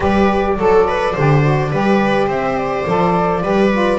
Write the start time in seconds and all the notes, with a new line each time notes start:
0.00 G3 G4 B4 D5
0.57 F#3 A4
0.87 B4
1.13 D3 G4 C5
1.42 F#4
1.71 G3 G4 B4
2.26 C4 C5 E5
2.57 D5
2.86 F3 A4
3.42 G3 G4 B4
3.71 F4